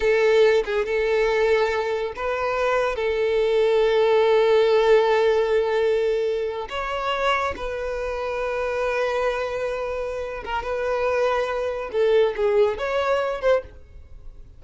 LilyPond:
\new Staff \with { instrumentName = "violin" } { \time 4/4 \tempo 4 = 141 a'4. gis'8 a'2~ | a'4 b'2 a'4~ | a'1~ | a'2.~ a'8. cis''16~ |
cis''4.~ cis''16 b'2~ b'16~ | b'1~ | b'8 ais'8 b'2. | a'4 gis'4 cis''4. c''8 | }